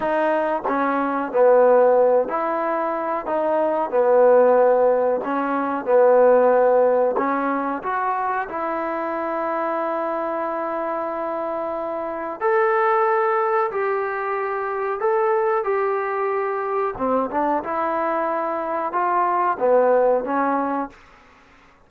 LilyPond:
\new Staff \with { instrumentName = "trombone" } { \time 4/4 \tempo 4 = 92 dis'4 cis'4 b4. e'8~ | e'4 dis'4 b2 | cis'4 b2 cis'4 | fis'4 e'2.~ |
e'2. a'4~ | a'4 g'2 a'4 | g'2 c'8 d'8 e'4~ | e'4 f'4 b4 cis'4 | }